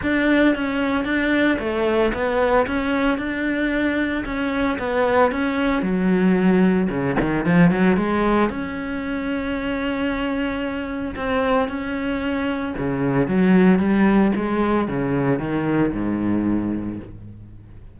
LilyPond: \new Staff \with { instrumentName = "cello" } { \time 4/4 \tempo 4 = 113 d'4 cis'4 d'4 a4 | b4 cis'4 d'2 | cis'4 b4 cis'4 fis4~ | fis4 cis8 dis8 f8 fis8 gis4 |
cis'1~ | cis'4 c'4 cis'2 | cis4 fis4 g4 gis4 | cis4 dis4 gis,2 | }